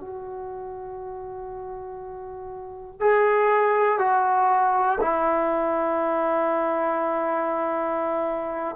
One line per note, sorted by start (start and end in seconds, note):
0.00 3.00 F#4
3.00 3.99 G#4
3.99 4.99 F#4
5.00 8.75 E4